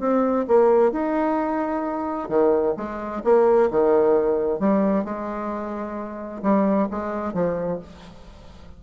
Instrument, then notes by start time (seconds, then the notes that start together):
bassoon
0.00 C4
0.48 A#3
0.93 D#4
2.29 D#3
2.77 G#3
3.24 A#3
3.71 D#3
4.60 G3
5.05 G#3
6.43 G3
6.91 G#3
7.34 F3